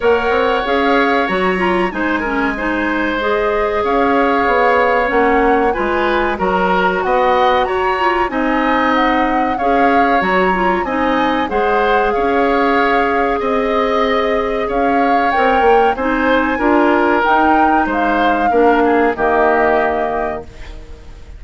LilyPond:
<<
  \new Staff \with { instrumentName = "flute" } { \time 4/4 \tempo 4 = 94 fis''4 f''4 ais''4 gis''4~ | gis''4 dis''4 f''2 | fis''4 gis''4 ais''4 fis''4 | ais''4 gis''4 fis''4 f''4 |
ais''4 gis''4 fis''4 f''4~ | f''4 dis''2 f''4 | g''4 gis''2 g''4 | f''2 dis''2 | }
  \new Staff \with { instrumentName = "oboe" } { \time 4/4 cis''2. c''8 ais'8 | c''2 cis''2~ | cis''4 b'4 ais'4 dis''4 | cis''4 dis''2 cis''4~ |
cis''4 dis''4 c''4 cis''4~ | cis''4 dis''2 cis''4~ | cis''4 c''4 ais'2 | c''4 ais'8 gis'8 g'2 | }
  \new Staff \with { instrumentName = "clarinet" } { \time 4/4 ais'4 gis'4 fis'8 f'8 dis'8 cis'8 | dis'4 gis'2. | cis'4 f'4 fis'2~ | fis'8 f'8 dis'2 gis'4 |
fis'8 f'8 dis'4 gis'2~ | gis'1 | ais'4 dis'4 f'4 dis'4~ | dis'4 d'4 ais2 | }
  \new Staff \with { instrumentName = "bassoon" } { \time 4/4 ais8 c'8 cis'4 fis4 gis4~ | gis2 cis'4 b4 | ais4 gis4 fis4 b4 | fis'4 c'2 cis'4 |
fis4 c'4 gis4 cis'4~ | cis'4 c'2 cis'4 | c'8 ais8 c'4 d'4 dis'4 | gis4 ais4 dis2 | }
>>